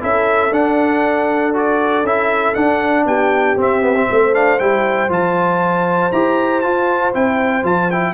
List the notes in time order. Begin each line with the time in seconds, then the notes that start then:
0.00 C#4 E4 A4 E5
0.50 D4 F#5
1.53 F#4 D5
2.03 C#4 E4 E5
2.54 D4 F#5
3.05 B3 G4 G5
3.56 C4 E5
3.81 B3
3.96 C4
4.09 A3 C5
4.33 D4 F5
4.59 G3 E4 G5
5.09 F3 F4 A5
6.12 E4 G4 A#5
6.61 F4 A5
7.13 C4 E4 G5
7.62 F3 F4 A5
7.90 E4 G5